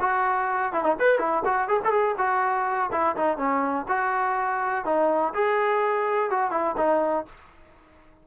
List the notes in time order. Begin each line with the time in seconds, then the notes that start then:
0.00 F#4
0.72 E4
0.83 D#4
0.99 B4
1.18 E4
1.45 F#4
1.68 G#4
1.85 A4
1.91 G#4
2.18 F#4
2.91 E4
3.16 D#4
3.37 C#4
3.88 F#4
4.85 D#4
5.34 G#4
6.30 F#4
6.51 E4
6.77 D#4